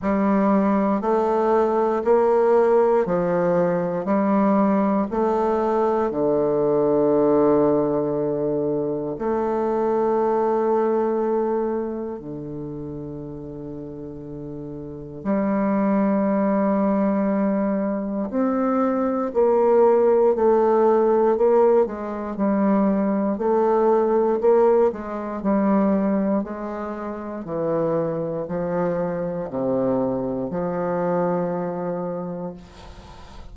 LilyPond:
\new Staff \with { instrumentName = "bassoon" } { \time 4/4 \tempo 4 = 59 g4 a4 ais4 f4 | g4 a4 d2~ | d4 a2. | d2. g4~ |
g2 c'4 ais4 | a4 ais8 gis8 g4 a4 | ais8 gis8 g4 gis4 e4 | f4 c4 f2 | }